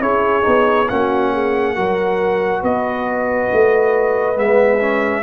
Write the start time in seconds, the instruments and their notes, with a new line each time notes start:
0.00 tuba C#4, trombone E4, horn G#4, trumpet C#5
0.42 tuba B3, trombone D#4
0.89 tuba A#3, trombone C#4, horn F#4, trumpet F#5
1.32 horn G#4
1.75 tuba F#3, trombone F#4, horn A#4
2.61 tuba B3, horn B4, trumpet D#5
3.52 tuba A3
4.35 tuba G#3, trombone B3, trumpet E5
4.80 trombone C#4